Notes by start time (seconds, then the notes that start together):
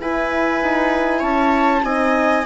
0.00 E4 B4 G#5
0.63 D#4
1.20 C#4 C#5 A5
1.84 C4 D#4 D#5 G#5